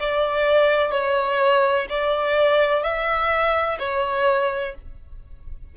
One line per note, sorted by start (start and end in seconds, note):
0.00 0.92 D5
0.92 1.87 C#5
1.90 2.84 D5
2.84 3.79 E5
3.80 4.75 C#5